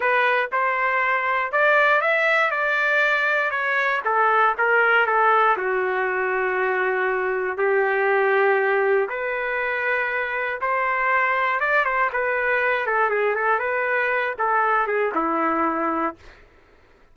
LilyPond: \new Staff \with { instrumentName = "trumpet" } { \time 4/4 \tempo 4 = 119 b'4 c''2 d''4 | e''4 d''2 cis''4 | a'4 ais'4 a'4 fis'4~ | fis'2. g'4~ |
g'2 b'2~ | b'4 c''2 d''8 c''8 | b'4. a'8 gis'8 a'8 b'4~ | b'8 a'4 gis'8 e'2 | }